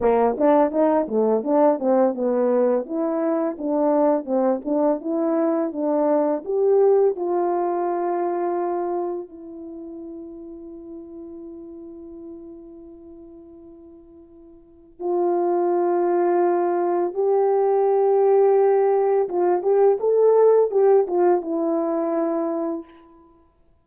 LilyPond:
\new Staff \with { instrumentName = "horn" } { \time 4/4 \tempo 4 = 84 ais8 d'8 dis'8 a8 d'8 c'8 b4 | e'4 d'4 c'8 d'8 e'4 | d'4 g'4 f'2~ | f'4 e'2.~ |
e'1~ | e'4 f'2. | g'2. f'8 g'8 | a'4 g'8 f'8 e'2 | }